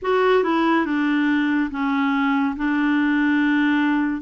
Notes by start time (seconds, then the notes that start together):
0.02 F#4
0.43 E4
0.85 D4
1.70 C#4
2.56 D4